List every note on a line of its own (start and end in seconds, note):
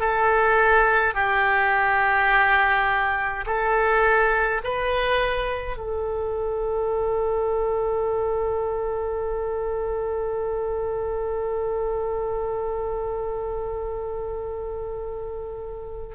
0.00 1.14 A4
1.14 3.45 G4
3.46 4.62 A4
4.64 5.77 B4
5.77 16.15 A4